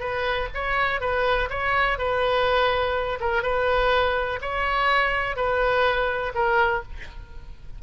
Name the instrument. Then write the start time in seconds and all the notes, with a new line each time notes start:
oboe
0.00 B4
0.54 C#5
1.01 B4
1.50 C#5
1.98 B4
3.21 A#4
3.43 B4
4.42 C#5
5.36 B4
6.35 A#4